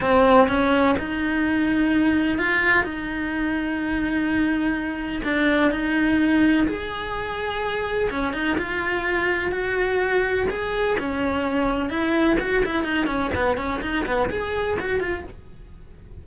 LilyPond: \new Staff \with { instrumentName = "cello" } { \time 4/4 \tempo 4 = 126 c'4 cis'4 dis'2~ | dis'4 f'4 dis'2~ | dis'2. d'4 | dis'2 gis'2~ |
gis'4 cis'8 dis'8 f'2 | fis'2 gis'4 cis'4~ | cis'4 e'4 fis'8 e'8 dis'8 cis'8 | b8 cis'8 dis'8 b8 gis'4 fis'8 f'8 | }